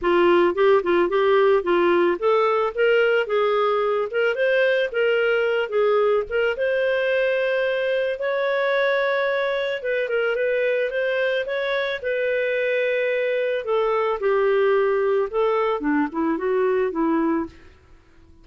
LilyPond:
\new Staff \with { instrumentName = "clarinet" } { \time 4/4 \tempo 4 = 110 f'4 g'8 f'8 g'4 f'4 | a'4 ais'4 gis'4. ais'8 | c''4 ais'4. gis'4 ais'8 | c''2. cis''4~ |
cis''2 b'8 ais'8 b'4 | c''4 cis''4 b'2~ | b'4 a'4 g'2 | a'4 d'8 e'8 fis'4 e'4 | }